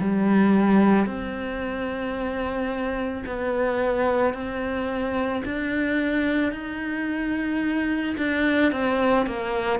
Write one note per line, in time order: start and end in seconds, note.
0.00 1.06 G3
1.06 3.24 C4
3.26 4.33 B3
4.33 5.42 C4
5.44 6.52 D4
6.52 8.16 D#4
8.17 8.72 D4
8.72 9.26 C4
9.26 9.79 A#3